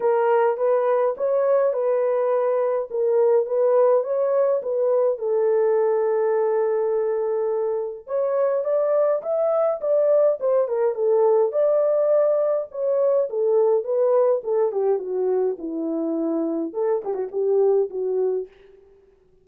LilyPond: \new Staff \with { instrumentName = "horn" } { \time 4/4 \tempo 4 = 104 ais'4 b'4 cis''4 b'4~ | b'4 ais'4 b'4 cis''4 | b'4 a'2.~ | a'2 cis''4 d''4 |
e''4 d''4 c''8 ais'8 a'4 | d''2 cis''4 a'4 | b'4 a'8 g'8 fis'4 e'4~ | e'4 a'8 g'16 fis'16 g'4 fis'4 | }